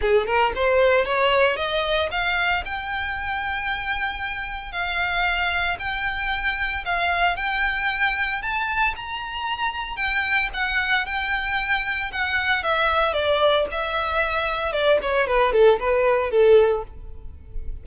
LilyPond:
\new Staff \with { instrumentName = "violin" } { \time 4/4 \tempo 4 = 114 gis'8 ais'8 c''4 cis''4 dis''4 | f''4 g''2.~ | g''4 f''2 g''4~ | g''4 f''4 g''2 |
a''4 ais''2 g''4 | fis''4 g''2 fis''4 | e''4 d''4 e''2 | d''8 cis''8 b'8 a'8 b'4 a'4 | }